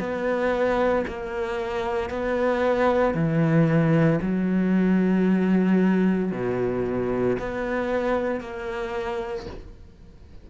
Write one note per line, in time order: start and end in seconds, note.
0.00 1.05 B3
1.08 2.11 A#3
2.11 3.15 B3
3.15 4.20 E3
4.22 6.33 F#3
6.33 7.38 B2
7.39 8.41 B3
8.41 9.46 A#3